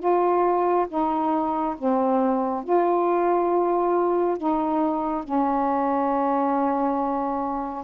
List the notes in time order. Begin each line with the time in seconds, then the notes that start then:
0.00 F4
0.89 D#4
1.78 C4
2.64 F4
4.38 D#4
5.24 C#4